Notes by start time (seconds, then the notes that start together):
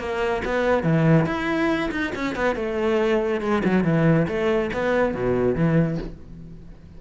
0.00 A#3
0.45 B3
0.84 E3
1.26 E4
1.91 D#4
2.15 C#4
2.36 B3
2.56 A3
3.41 G#3
3.65 F#3
3.85 E3
4.28 A3
4.74 B3
5.15 B2
5.55 E3